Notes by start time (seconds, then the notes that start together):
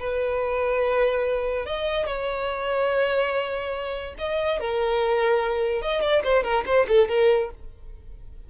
0.00 B4
1.66 D#5
2.07 C#5
4.19 D#5
4.60 A#4
5.82 D#5
6.02 D5
6.24 C5
6.44 A#4
6.66 C5
6.89 A4
7.09 A#4